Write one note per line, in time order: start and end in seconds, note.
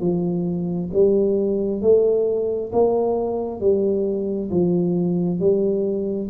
0.00 0.90 F3
0.93 1.81 G3
1.81 2.71 A3
2.72 3.60 A#3
3.60 4.50 G3
4.50 5.39 F3
5.39 6.28 G3